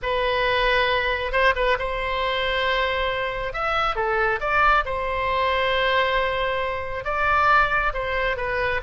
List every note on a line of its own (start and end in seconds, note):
0.02 1.31 B4
1.31 1.53 C5
1.55 1.77 B4
1.78 3.53 C5
3.53 3.95 E5
3.95 4.39 A4
4.40 4.84 D5
4.85 7.04 C5
7.04 7.92 D5
7.93 8.36 C5
8.36 8.80 B4